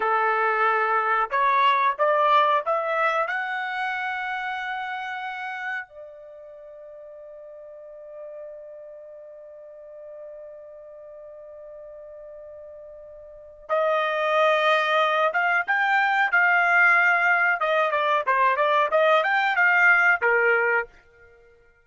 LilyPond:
\new Staff \with { instrumentName = "trumpet" } { \time 4/4 \tempo 4 = 92 a'2 cis''4 d''4 | e''4 fis''2.~ | fis''4 d''2.~ | d''1~ |
d''1~ | d''4 dis''2~ dis''8 f''8 | g''4 f''2 dis''8 d''8 | c''8 d''8 dis''8 g''8 f''4 ais'4 | }